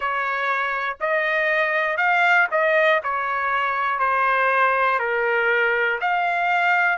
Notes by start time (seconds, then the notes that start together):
0.00 C#5
1.00 D#5
1.97 F5
2.50 D#5
3.03 C#5
3.99 C5
4.99 A#4
6.00 F5